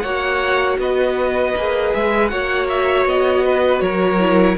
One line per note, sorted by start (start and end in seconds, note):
0.00 0.78 A#3
0.00 1.57 F#4
0.00 0.78 C#5
0.00 0.76 F#5
0.78 1.54 B3
0.78 2.31 B4
0.78 1.94 D#5
1.56 1.94 A#3
1.56 2.30 G#4
1.94 2.32 G#3
1.94 2.28 E5
2.28 3.06 A#3
2.28 4.19 F#4
2.28 3.45 C#5
2.28 2.66 F#5
2.69 3.07 E5
3.06 3.81 B3
3.06 3.80 D#5
3.45 3.83 B4
3.80 4.57 F#3
3.80 4.57 A#4
3.80 4.56 C#5
4.20 4.57 E4